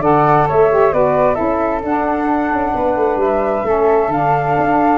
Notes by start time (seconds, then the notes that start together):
0.00 D3 A4 D5 F#5
0.48 A3 C#5 E5
0.70 G4
0.92 B3 F#4 B4 D5
1.35 C#4 E4 A4 E5
1.84 D4 F#5
2.51 C#4
2.75 B3 B4
2.96 A3
3.17 G3 E5
3.64 A3 C#4 A4
4.09 D3 D4 F5
4.58 D4